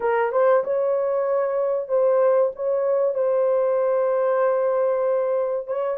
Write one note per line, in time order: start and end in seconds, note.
0.00 0.32 A#4
0.32 0.63 C5
0.63 1.88 C#5
1.88 2.51 C5
2.55 3.14 C#5
3.14 5.67 C5
5.67 5.97 C#5